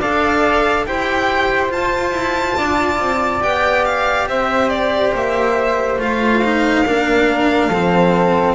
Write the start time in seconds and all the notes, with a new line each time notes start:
0.00 D4 A4 D5 F5
0.86 E4 G4 C5 G5
1.70 F4 A5
2.11 E4
2.57 D4 D5
3.00 C4
3.41 B3 G4 G5
3.85 F5
4.28 C4 C5 E5
4.70 D5
5.14 A#3 E5
5.99 A3 F4 F5
6.44 D#4
6.86 A#3 D4 A#4
7.69 F3 C4 A4